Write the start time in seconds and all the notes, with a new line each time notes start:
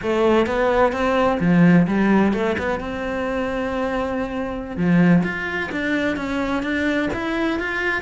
0.02 A3
0.46 B3
0.92 C4
1.40 F3
1.87 G3
2.33 A3
2.58 B3
2.79 C4
4.77 F3
5.23 F4
5.71 D4
6.16 C#4
6.62 D4
7.13 E4
7.59 F4